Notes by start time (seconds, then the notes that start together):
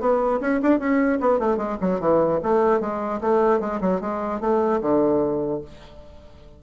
0.00 B3
0.41 C#4
0.63 D4
0.79 C#4
1.21 B3
1.39 A3
1.57 G#3
1.81 F#3
2.00 E3
2.43 A3
2.80 G#3
3.21 A3
3.60 G#3
3.81 F#3
4.01 G#3
4.40 A3
4.81 D3